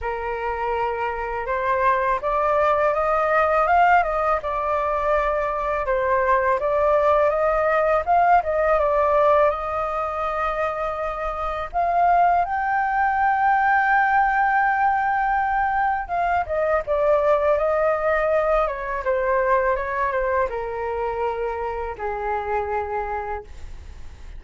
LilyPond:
\new Staff \with { instrumentName = "flute" } { \time 4/4 \tempo 4 = 82 ais'2 c''4 d''4 | dis''4 f''8 dis''8 d''2 | c''4 d''4 dis''4 f''8 dis''8 | d''4 dis''2. |
f''4 g''2.~ | g''2 f''8 dis''8 d''4 | dis''4. cis''8 c''4 cis''8 c''8 | ais'2 gis'2 | }